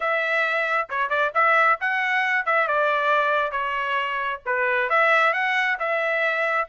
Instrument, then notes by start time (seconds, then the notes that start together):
trumpet
0.00 E5
0.89 C#5
1.09 D5
1.34 E5
1.80 F#5
2.45 E5
2.67 D5
3.51 C#5
4.45 B4
4.89 E5
5.33 F#5
5.79 E5